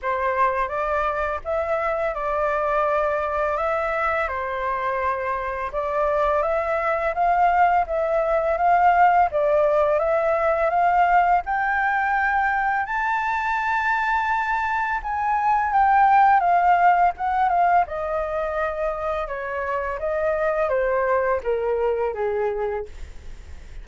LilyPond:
\new Staff \with { instrumentName = "flute" } { \time 4/4 \tempo 4 = 84 c''4 d''4 e''4 d''4~ | d''4 e''4 c''2 | d''4 e''4 f''4 e''4 | f''4 d''4 e''4 f''4 |
g''2 a''2~ | a''4 gis''4 g''4 f''4 | fis''8 f''8 dis''2 cis''4 | dis''4 c''4 ais'4 gis'4 | }